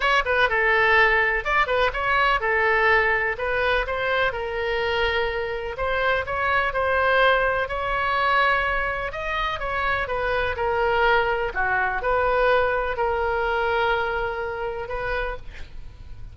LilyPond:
\new Staff \with { instrumentName = "oboe" } { \time 4/4 \tempo 4 = 125 cis''8 b'8 a'2 d''8 b'8 | cis''4 a'2 b'4 | c''4 ais'2. | c''4 cis''4 c''2 |
cis''2. dis''4 | cis''4 b'4 ais'2 | fis'4 b'2 ais'4~ | ais'2. b'4 | }